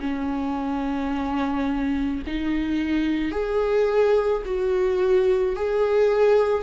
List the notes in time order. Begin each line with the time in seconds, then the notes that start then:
0.00 C#4
2.26 D#4
3.31 G#4
4.45 F#4
5.55 G#4